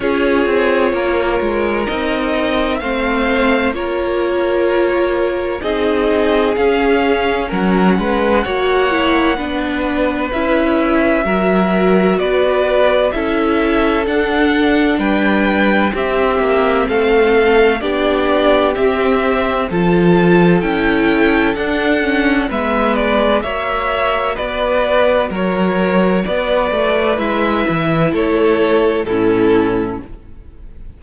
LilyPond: <<
  \new Staff \with { instrumentName = "violin" } { \time 4/4 \tempo 4 = 64 cis''2 dis''4 f''4 | cis''2 dis''4 f''4 | fis''2. e''4~ | e''4 d''4 e''4 fis''4 |
g''4 e''4 f''4 d''4 | e''4 a''4 g''4 fis''4 | e''8 d''8 e''4 d''4 cis''4 | d''4 e''4 cis''4 a'4 | }
  \new Staff \with { instrumentName = "violin" } { \time 4/4 gis'4 ais'2 c''4 | ais'2 gis'2 | ais'8 b'8 cis''4 b'2 | ais'4 b'4 a'2 |
b'4 g'4 a'4 g'4~ | g'4 a'2. | b'4 cis''4 b'4 ais'4 | b'2 a'4 e'4 | }
  \new Staff \with { instrumentName = "viola" } { \time 4/4 f'2 dis'4 c'4 | f'2 dis'4 cis'4~ | cis'4 fis'8 e'8 d'4 e'4 | fis'2 e'4 d'4~ |
d'4 c'2 d'4 | c'4 f'4 e'4 d'8 cis'8 | b4 fis'2.~ | fis'4 e'2 cis'4 | }
  \new Staff \with { instrumentName = "cello" } { \time 4/4 cis'8 c'8 ais8 gis8 c'4 a4 | ais2 c'4 cis'4 | fis8 gis8 ais4 b4 cis'4 | fis4 b4 cis'4 d'4 |
g4 c'8 ais8 a4 b4 | c'4 f4 cis'4 d'4 | gis4 ais4 b4 fis4 | b8 a8 gis8 e8 a4 a,4 | }
>>